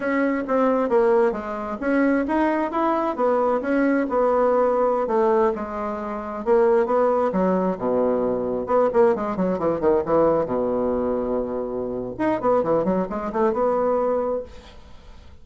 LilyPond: \new Staff \with { instrumentName = "bassoon" } { \time 4/4 \tempo 4 = 133 cis'4 c'4 ais4 gis4 | cis'4 dis'4 e'4 b4 | cis'4 b2~ b16 a8.~ | a16 gis2 ais4 b8.~ |
b16 fis4 b,2 b8 ais16~ | ais16 gis8 fis8 e8 dis8 e4 b,8.~ | b,2. dis'8 b8 | e8 fis8 gis8 a8 b2 | }